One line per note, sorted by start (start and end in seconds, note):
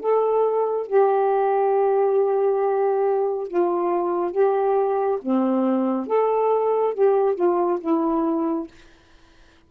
0.00 0.87 A4
0.87 3.47 G4
3.47 4.32 F4
4.32 5.19 G4
5.22 6.07 C4
6.07 6.94 A4
6.94 7.36 G4
7.36 7.79 F4
7.81 8.68 E4